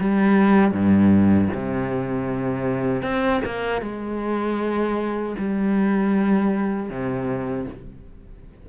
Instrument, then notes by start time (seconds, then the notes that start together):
cello
0.00 G3
0.72 G2
1.54 C3
3.03 C4
3.45 A#3
3.82 G#3
5.38 G3
6.90 C3